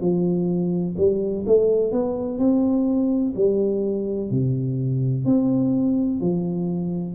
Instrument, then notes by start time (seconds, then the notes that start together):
tuba
0.00 F3
0.97 G3
1.46 A3
1.91 B3
2.38 C4
3.35 G3
4.30 C3
5.25 C4
6.20 F3